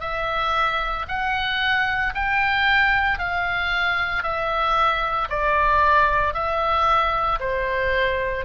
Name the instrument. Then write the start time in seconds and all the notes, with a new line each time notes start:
oboe
0.00 E5
1.08 F#5
2.14 G5
3.18 F5
4.23 E5
5.29 D5
6.34 E5
7.39 C5